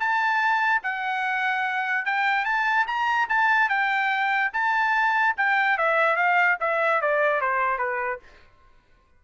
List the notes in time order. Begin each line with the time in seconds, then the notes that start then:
0.00 A5
0.83 F#5
2.06 G5
2.45 A5
2.87 A#5
3.29 A5
3.69 G5
4.53 A5
5.37 G5
5.78 E5
6.17 F5
6.60 E5
7.02 D5
7.41 C5
7.78 B4